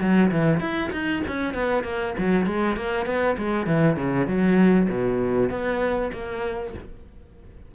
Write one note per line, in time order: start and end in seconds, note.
0.00 0.31 F#3
0.31 0.59 E3
0.59 0.90 E4
0.92 1.22 D#4
1.27 1.54 C#4
1.54 1.83 B3
1.83 2.14 A#3
2.18 2.46 F#3
2.46 2.76 G#3
2.76 3.06 A#3
3.06 3.36 B3
3.37 3.66 G#3
3.66 3.96 E3
3.96 4.27 C#3
4.27 4.88 F#3
4.89 5.50 B2
5.50 6.11 B3
6.12 6.73 A#3